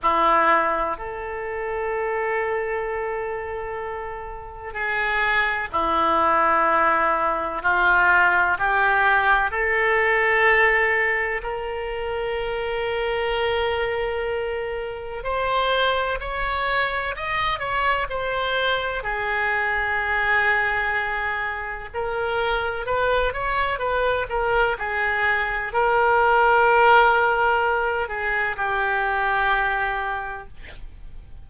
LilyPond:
\new Staff \with { instrumentName = "oboe" } { \time 4/4 \tempo 4 = 63 e'4 a'2.~ | a'4 gis'4 e'2 | f'4 g'4 a'2 | ais'1 |
c''4 cis''4 dis''8 cis''8 c''4 | gis'2. ais'4 | b'8 cis''8 b'8 ais'8 gis'4 ais'4~ | ais'4. gis'8 g'2 | }